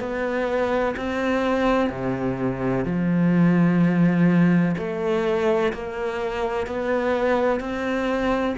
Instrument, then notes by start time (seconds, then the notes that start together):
cello
0.00 B3
0.97 C4
1.90 C3
2.85 F3
4.78 A3
5.73 A#3
6.67 B3
7.60 C4